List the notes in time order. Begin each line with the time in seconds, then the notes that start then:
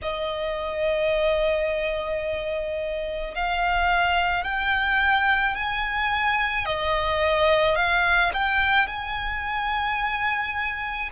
0.02 D#5
3.34 F5
4.44 G5
5.55 G#5
6.65 D#5
7.75 F5
8.33 G5
8.87 G#5